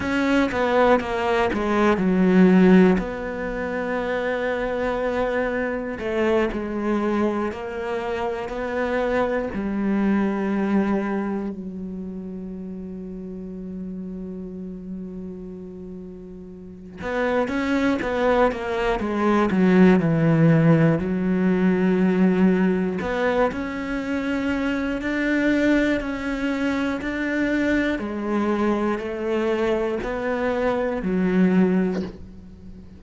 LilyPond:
\new Staff \with { instrumentName = "cello" } { \time 4/4 \tempo 4 = 60 cis'8 b8 ais8 gis8 fis4 b4~ | b2 a8 gis4 ais8~ | ais8 b4 g2 fis8~ | fis1~ |
fis4 b8 cis'8 b8 ais8 gis8 fis8 | e4 fis2 b8 cis'8~ | cis'4 d'4 cis'4 d'4 | gis4 a4 b4 fis4 | }